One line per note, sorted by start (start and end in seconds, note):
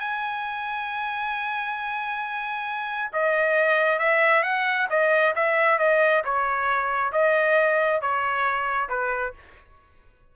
0.00 3.11 G#5
3.13 3.99 D#5
3.99 4.43 E5
4.43 4.88 F#5
4.90 5.35 D#5
5.36 5.79 E5
5.79 6.23 D#5
6.25 7.13 C#5
7.13 8.02 D#5
8.02 8.89 C#5
8.89 9.34 B4